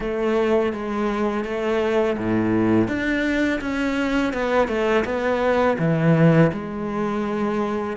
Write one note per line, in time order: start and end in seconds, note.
0.00 0.72 A3
0.73 1.44 G#3
1.44 2.16 A3
2.17 2.88 A2
2.88 3.60 D4
3.60 4.33 C#4
4.33 4.68 B3
4.68 5.04 A3
5.04 5.77 B3
5.78 6.51 E3
6.52 7.96 G#3